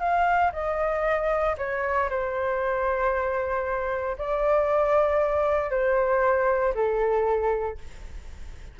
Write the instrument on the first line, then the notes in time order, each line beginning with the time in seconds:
flute
0.00 F5
0.53 D#5
1.58 C#5
2.10 C5
4.18 D5
5.71 C5
6.75 A4